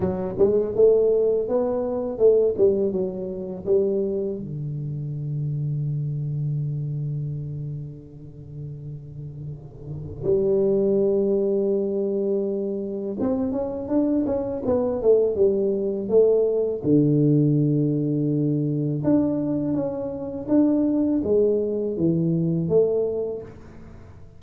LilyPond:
\new Staff \with { instrumentName = "tuba" } { \time 4/4 \tempo 4 = 82 fis8 gis8 a4 b4 a8 g8 | fis4 g4 d2~ | d1~ | d2 g2~ |
g2 c'8 cis'8 d'8 cis'8 | b8 a8 g4 a4 d4~ | d2 d'4 cis'4 | d'4 gis4 e4 a4 | }